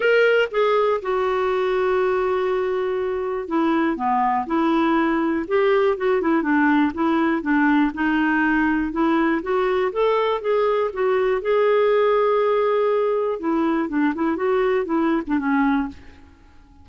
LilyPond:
\new Staff \with { instrumentName = "clarinet" } { \time 4/4 \tempo 4 = 121 ais'4 gis'4 fis'2~ | fis'2. e'4 | b4 e'2 g'4 | fis'8 e'8 d'4 e'4 d'4 |
dis'2 e'4 fis'4 | a'4 gis'4 fis'4 gis'4~ | gis'2. e'4 | d'8 e'8 fis'4 e'8. d'16 cis'4 | }